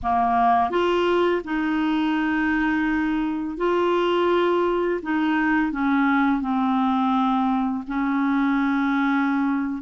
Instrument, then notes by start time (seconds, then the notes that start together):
clarinet
0.02 A#3
0.70 F4
1.44 D#4
3.57 F4
5.02 D#4
5.71 C#4
6.41 C4
7.87 C#4